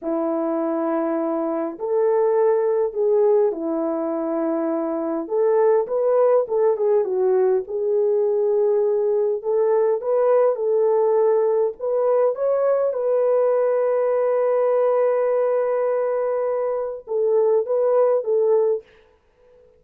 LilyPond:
\new Staff \with { instrumentName = "horn" } { \time 4/4 \tempo 4 = 102 e'2. a'4~ | a'4 gis'4 e'2~ | e'4 a'4 b'4 a'8 gis'8 | fis'4 gis'2. |
a'4 b'4 a'2 | b'4 cis''4 b'2~ | b'1~ | b'4 a'4 b'4 a'4 | }